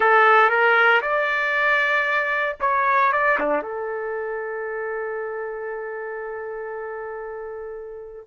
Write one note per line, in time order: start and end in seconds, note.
0.00 0.49 A4
0.49 1.01 A#4
1.01 2.57 D5
2.60 3.12 C#5
3.12 3.38 D5
3.39 3.62 D4
3.62 8.26 A4